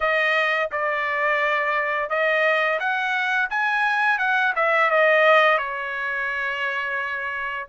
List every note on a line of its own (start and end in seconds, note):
0.00 0.69 D#5
0.71 2.09 D5
2.09 2.79 D#5
2.79 3.49 F#5
3.49 4.18 G#5
4.18 4.53 F#5
4.55 4.90 E5
4.90 5.58 D#5
5.58 7.67 C#5